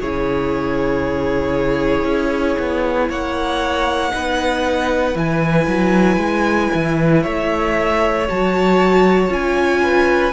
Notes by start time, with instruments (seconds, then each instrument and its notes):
0.00 cello C#3, viola E4, violin G#4 C#5
2.05 cello C#4
2.59 cello B3
3.09 cello A#3, violin C#5 F#5
4.11 cello B3, viola D#4, violin B4
5.15 cello E3, viola E4, violin G#5
5.68 cello F#3
6.17 cello G#3
6.75 cello E3
7.23 cello A3, violin C#5 E5
8.28 cello F#3, viola F#4, violin A5
9.28 cello C#4, viola F4, violin G#5
9.83 violin B4